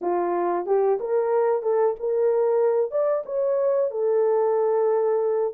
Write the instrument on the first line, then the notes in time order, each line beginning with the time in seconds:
horn
0.01 F4
0.66 G4
1.00 A#4
1.62 A4
1.99 A#4
2.91 D5
3.25 C#5
3.90 A4